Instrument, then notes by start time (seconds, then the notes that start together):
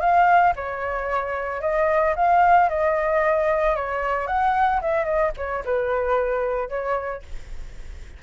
flute
0.00 F5
0.56 C#5
1.61 D#5
2.16 F5
2.69 D#5
3.76 C#5
4.27 F#5
4.81 E5
5.05 D#5
5.37 C#5
5.65 B4
6.69 C#5